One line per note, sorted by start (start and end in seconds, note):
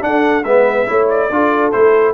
0.00 0.43 D4
0.00 0.44 F#5
0.06 0.46 A4
0.43 0.86 G#3
0.43 0.86 B3
0.43 0.88 B4
0.43 1.07 E5
0.86 1.30 A3
0.86 1.29 E4
0.86 1.30 C#5
1.09 1.71 D5
1.30 1.72 D4
1.30 1.72 F4
1.30 2.14 A4
1.71 2.14 A3
1.71 2.14 E4
1.71 2.14 C5